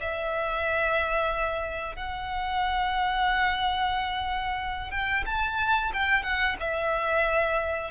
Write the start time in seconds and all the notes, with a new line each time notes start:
0.00 E5
1.96 F#5
4.91 G5
5.25 A5
5.93 G5
6.23 F#5
6.59 E5